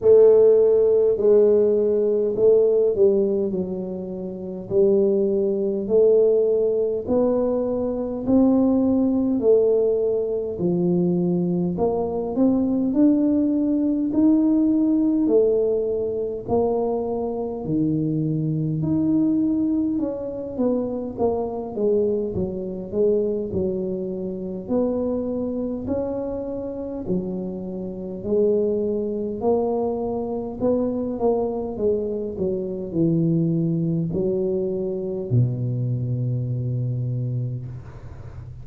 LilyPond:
\new Staff \with { instrumentName = "tuba" } { \time 4/4 \tempo 4 = 51 a4 gis4 a8 g8 fis4 | g4 a4 b4 c'4 | a4 f4 ais8 c'8 d'4 | dis'4 a4 ais4 dis4 |
dis'4 cis'8 b8 ais8 gis8 fis8 gis8 | fis4 b4 cis'4 fis4 | gis4 ais4 b8 ais8 gis8 fis8 | e4 fis4 b,2 | }